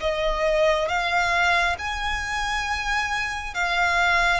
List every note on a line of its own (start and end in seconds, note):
0.00 0.88 D#5
0.88 1.76 F5
1.78 3.54 G#5
3.54 4.40 F5